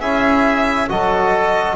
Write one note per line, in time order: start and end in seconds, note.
0.00 0.89 C#4
0.00 0.88 E4
0.00 0.88 G#4
0.00 0.88 E5
0.88 1.76 F#3
0.88 1.76 F#4
0.88 1.76 A4
0.88 1.76 D#5